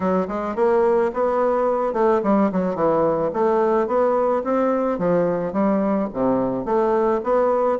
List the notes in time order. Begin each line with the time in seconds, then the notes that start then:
0.00 F#3
0.28 G#3
0.55 A#3
1.13 B3
1.93 A3
2.23 G3
2.52 F#3
2.75 E3
3.33 A3
3.87 B3
4.43 C4
4.98 F3
5.53 G3
6.13 C3
6.65 A3
7.23 B3